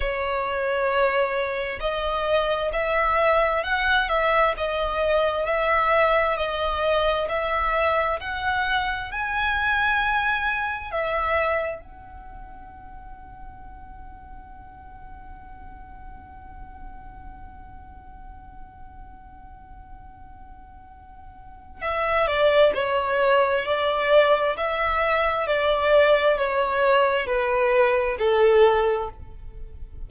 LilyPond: \new Staff \with { instrumentName = "violin" } { \time 4/4 \tempo 4 = 66 cis''2 dis''4 e''4 | fis''8 e''8 dis''4 e''4 dis''4 | e''4 fis''4 gis''2 | e''4 fis''2.~ |
fis''1~ | fis''1 | e''8 d''8 cis''4 d''4 e''4 | d''4 cis''4 b'4 a'4 | }